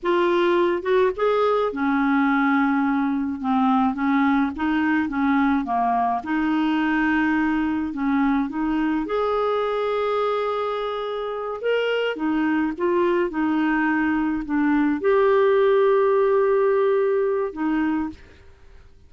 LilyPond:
\new Staff \with { instrumentName = "clarinet" } { \time 4/4 \tempo 4 = 106 f'4. fis'8 gis'4 cis'4~ | cis'2 c'4 cis'4 | dis'4 cis'4 ais4 dis'4~ | dis'2 cis'4 dis'4 |
gis'1~ | gis'8 ais'4 dis'4 f'4 dis'8~ | dis'4. d'4 g'4.~ | g'2. dis'4 | }